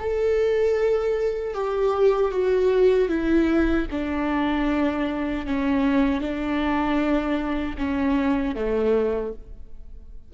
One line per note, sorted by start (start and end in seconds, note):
0.00 1.54 A4
1.54 2.32 G4
2.32 3.09 F#4
3.09 3.87 E4
3.91 5.47 D4
5.47 6.21 C#4
6.21 7.77 D4
7.78 8.55 C#4
8.55 9.33 A3